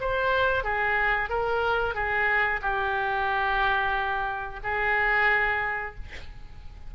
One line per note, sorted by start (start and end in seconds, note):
0.00 0.64 C5
0.64 1.29 G#4
1.29 1.95 A#4
1.95 2.60 G#4
2.62 4.60 G4
4.63 5.95 G#4